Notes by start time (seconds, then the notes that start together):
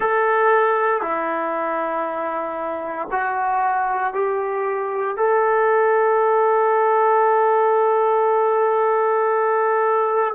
0.00 A4
1.01 E4
3.11 F#4
4.13 G4
5.17 A4